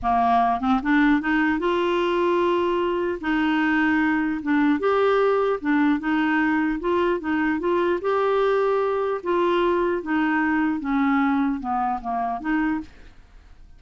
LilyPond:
\new Staff \with { instrumentName = "clarinet" } { \time 4/4 \tempo 4 = 150 ais4. c'8 d'4 dis'4 | f'1 | dis'2. d'4 | g'2 d'4 dis'4~ |
dis'4 f'4 dis'4 f'4 | g'2. f'4~ | f'4 dis'2 cis'4~ | cis'4 b4 ais4 dis'4 | }